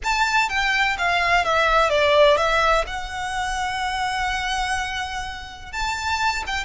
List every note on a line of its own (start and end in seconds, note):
0.03 0.49 A5
0.49 0.96 G5
0.97 1.44 F5
1.44 1.89 E5
1.89 2.37 D5
2.37 2.84 E5
2.86 5.72 F#5
5.72 6.43 A5
6.46 6.64 G5